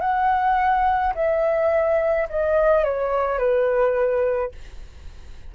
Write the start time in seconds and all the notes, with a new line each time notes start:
0.00 F#5
1.15 E5
2.29 D#5
2.84 C#5
3.38 B4